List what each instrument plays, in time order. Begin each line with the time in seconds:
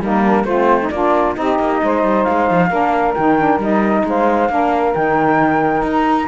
0.00 cello G3, saxophone A#3 D#4, flute A#4
0.22 saxophone D4
0.44 cello A3, saxophone C4 F4, flute C5
0.80 saxophone D#4
0.90 cello A#3, saxophone D4 F4, flute D5
1.34 cello C4, saxophone D#4 G4, flute D#5
1.58 cello A#3
1.82 cello G#3, saxophone C5
2.03 cello G3
2.24 cello G#3, flute F5
2.50 cello F3
2.68 cello A#3, saxophone D4 A#4
3.14 cello D#3, saxophone D#4, flute G5
3.38 saxophone D4
3.57 cello G3, saxophone D#4, flute D#5
4.04 cello G#3, saxophone C5, flute F5
4.49 cello A#3, saxophone D4 A#4
4.93 cello D#3, saxophone D#4, flute G5
5.82 cello D#4, flute A#5